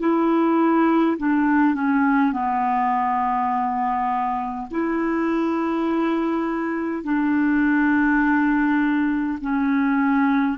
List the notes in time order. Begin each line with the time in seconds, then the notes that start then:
0.00 E4
1.18 D4
1.75 C#4
2.33 B3
4.71 E4
7.04 D4
9.41 C#4